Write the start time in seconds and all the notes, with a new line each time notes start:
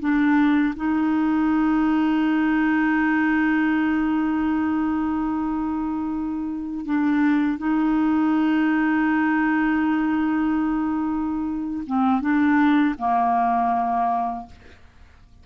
0.00 D4
0.76 D#4
6.85 D4
7.58 D#4
11.87 C4
12.21 D4
12.98 A#3